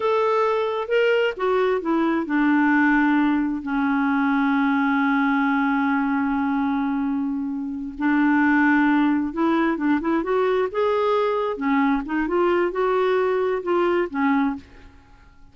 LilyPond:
\new Staff \with { instrumentName = "clarinet" } { \time 4/4 \tempo 4 = 132 a'2 ais'4 fis'4 | e'4 d'2. | cis'1~ | cis'1~ |
cis'4. d'2~ d'8~ | d'8 e'4 d'8 e'8 fis'4 gis'8~ | gis'4. cis'4 dis'8 f'4 | fis'2 f'4 cis'4 | }